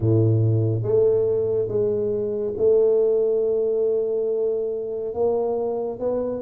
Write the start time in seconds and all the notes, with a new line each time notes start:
0.00 A2
0.82 A3
1.68 G#3
2.57 A3
5.14 A#3
5.99 B3